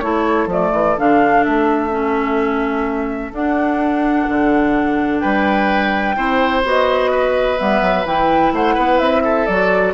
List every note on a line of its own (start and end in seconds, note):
0.00 0.47 A3
0.00 0.50 E4
0.00 5.21 A4
0.00 0.47 C#5
0.47 0.70 F3
0.47 0.98 A3
0.47 0.99 D5
0.73 0.97 E3
0.98 1.47 D3
0.98 1.90 D4
0.98 1.44 F5
1.44 3.32 A3
1.44 3.33 E5
1.90 3.32 C#4
3.32 4.27 D4
3.32 6.16 D4
3.32 5.20 F#5
4.29 5.23 D3
5.20 6.17 G3
5.20 6.16 B4
5.20 6.62 G5
6.16 6.64 C4
6.16 6.63 E4
6.16 7.11 C5
6.64 7.59 B3
6.64 7.57 F#4
6.64 7.58 D#5
7.11 8.53 B4
7.57 7.82 G3
7.57 8.05 B3
7.57 8.06 E5
7.82 8.05 F#3
8.05 8.52 E3
8.05 9.48 E4
8.05 8.54 G5
8.52 8.76 A3
8.52 8.75 C5
8.52 8.99 F#5
8.75 9.00 B3
8.75 9.22 B4
8.99 9.47 C4
8.99 9.46 E5
9.24 9.94 A4
9.46 9.94 F#3
9.46 9.94 F#4
9.46 9.93 D5